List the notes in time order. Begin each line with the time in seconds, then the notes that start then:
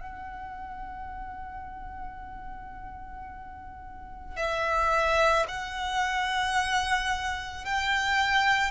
0.00 F#5
4.36 E5
5.48 F#5
7.65 G5